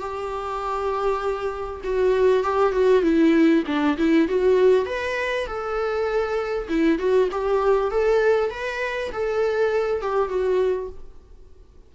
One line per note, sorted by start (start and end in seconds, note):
0.00 1.82 G4
1.84 2.44 F#4
2.44 2.73 G4
2.73 3.03 F#4
3.03 3.64 E4
3.67 3.97 D4
3.98 4.28 E4
4.29 4.86 F#4
4.86 5.47 B4
5.47 6.68 A4
6.69 6.99 E4
6.99 7.29 F#4
7.32 7.91 G4
7.91 8.51 A4
8.51 9.11 B4
9.13 10.02 A4
10.02 10.29 G4
10.29 10.90 F#4